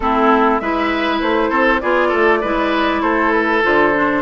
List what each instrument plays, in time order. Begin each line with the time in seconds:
0.00 bassoon A3, clarinet C4, oboe E4, flute A4
0.59 bassoon G#3, clarinet E4, oboe B4, flute E5
1.20 bassoon A3, flute C5
1.50 bassoon C4, oboe A4
1.80 bassoon B3, clarinet F4, oboe G#4, flute D5
2.08 bassoon A3, oboe A4
2.41 bassoon G#3, clarinet E4, oboe B4
3.01 bassoon A3, oboe A4, flute C5
3.31 flute B4
3.62 bassoon D3, clarinet F4, flute C5
3.93 clarinet D4